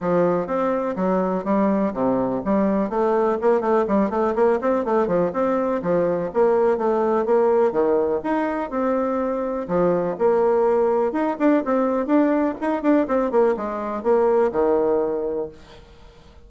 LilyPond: \new Staff \with { instrumentName = "bassoon" } { \time 4/4 \tempo 4 = 124 f4 c'4 fis4 g4 | c4 g4 a4 ais8 a8 | g8 a8 ais8 c'8 a8 f8 c'4 | f4 ais4 a4 ais4 |
dis4 dis'4 c'2 | f4 ais2 dis'8 d'8 | c'4 d'4 dis'8 d'8 c'8 ais8 | gis4 ais4 dis2 | }